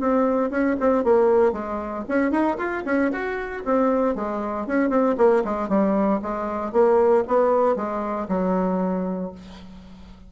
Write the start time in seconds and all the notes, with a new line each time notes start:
0.00 C4
0.50 C#4
0.80 C4
1.04 A#3
1.52 G#3
2.08 C#4
2.31 D#4
2.58 F4
2.85 C#4
3.12 F#4
3.65 C4
4.15 G#3
4.67 C#4
4.90 C4
5.17 A#3
5.44 G#3
5.69 G3
6.22 G#3
6.72 A#3
7.27 B3
7.76 G#3
8.29 F#3